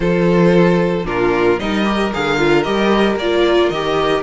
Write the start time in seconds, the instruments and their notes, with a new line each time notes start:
0.00 cello F3, viola F4, violin A4 C5
1.04 cello A#2, viola D4, violin F4 A#4
1.59 cello G3, viola D#4, violin A#4 D#5
1.84 viola G4
2.13 cello D3, viola G#4, violin F5
2.38 viola F4
2.62 cello G3, viola G4, violin D#5
3.15 cello A#3, violin D5
3.21 viola F4
3.69 cello D#3, viola G4, violin D#5